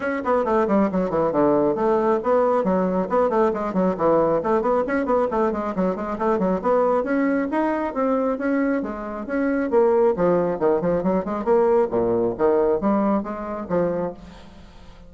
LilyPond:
\new Staff \with { instrumentName = "bassoon" } { \time 4/4 \tempo 4 = 136 cis'8 b8 a8 g8 fis8 e8 d4 | a4 b4 fis4 b8 a8 | gis8 fis8 e4 a8 b8 cis'8 b8 | a8 gis8 fis8 gis8 a8 fis8 b4 |
cis'4 dis'4 c'4 cis'4 | gis4 cis'4 ais4 f4 | dis8 f8 fis8 gis8 ais4 ais,4 | dis4 g4 gis4 f4 | }